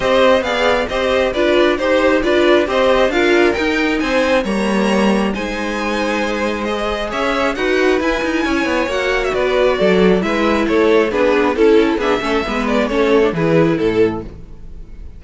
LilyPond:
<<
  \new Staff \with { instrumentName = "violin" } { \time 4/4 \tempo 4 = 135 dis''4 f''4 dis''4 d''4 | c''4 d''4 dis''4 f''4 | g''4 gis''4 ais''2 | gis''2. dis''4 |
e''4 fis''4 gis''2 | fis''8. e''16 d''2 e''4 | cis''4 b'4 a'4 e''4~ | e''8 d''8 cis''4 b'4 a'4 | }
  \new Staff \with { instrumentName = "violin" } { \time 4/4 c''4 d''4 c''4 b'4 | c''4 b'4 c''4 ais'4~ | ais'4 c''4 cis''2 | c''1 |
cis''4 b'2 cis''4~ | cis''4 b'4 a'4 b'4 | a'4 gis'4 a'4 gis'8 a'8 | b'4 a'4 gis'4 a'4 | }
  \new Staff \with { instrumentName = "viola" } { \time 4/4 g'4 gis'4 g'4 f'4 | g'4 f'4 g'4 f'4 | dis'2 ais2 | dis'2. gis'4~ |
gis'4 fis'4 e'2 | fis'2. e'4~ | e'4 d'4 e'4 d'8 cis'8 | b4 cis'8. d'16 e'2 | }
  \new Staff \with { instrumentName = "cello" } { \time 4/4 c'4 b4 c'4 d'4 | dis'4 d'4 c'4 d'4 | dis'4 c'4 g2 | gis1 |
cis'4 dis'4 e'8 dis'8 cis'8 b8 | ais4 b4 fis4 gis4 | a4 b4 cis'4 b8 a8 | gis4 a4 e4 a,4 | }
>>